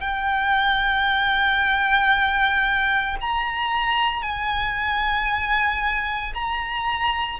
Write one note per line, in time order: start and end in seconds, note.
0.00 3.16 G5
3.20 4.22 A#5
4.22 6.33 G#5
6.33 7.39 A#5